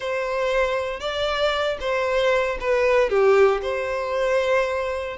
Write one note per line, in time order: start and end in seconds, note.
0.00 0.99 C5
0.99 1.77 D5
1.80 2.58 C5
2.60 3.09 B4
3.09 3.61 G4
3.62 5.17 C5